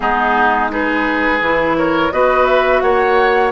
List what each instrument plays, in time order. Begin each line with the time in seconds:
0.00 bassoon G#3, clarinet B3, oboe D#4, flute G#4
0.70 clarinet D#4, oboe G#4, flute B4
1.40 bassoon E3, clarinet E4
1.77 oboe A#4, flute C#5
2.11 bassoon B3, clarinet F#4, oboe B4, flute D#5
2.45 flute E5
2.80 bassoon A#3, oboe C#5, flute F#5